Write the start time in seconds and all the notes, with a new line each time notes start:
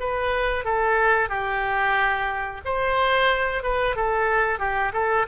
0.00 B4
0.65 A4
1.29 G4
2.65 C5
3.63 B4
3.96 A4
4.59 G4
4.94 A4